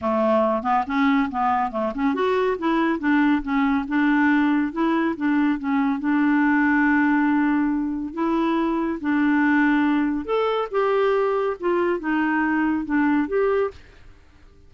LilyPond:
\new Staff \with { instrumentName = "clarinet" } { \time 4/4 \tempo 4 = 140 a4. b8 cis'4 b4 | a8 cis'8 fis'4 e'4 d'4 | cis'4 d'2 e'4 | d'4 cis'4 d'2~ |
d'2. e'4~ | e'4 d'2. | a'4 g'2 f'4 | dis'2 d'4 g'4 | }